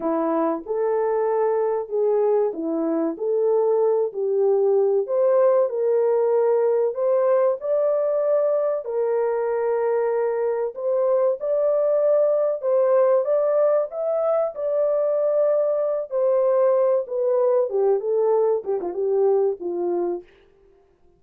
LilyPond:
\new Staff \with { instrumentName = "horn" } { \time 4/4 \tempo 4 = 95 e'4 a'2 gis'4 | e'4 a'4. g'4. | c''4 ais'2 c''4 | d''2 ais'2~ |
ais'4 c''4 d''2 | c''4 d''4 e''4 d''4~ | d''4. c''4. b'4 | g'8 a'4 g'16 f'16 g'4 f'4 | }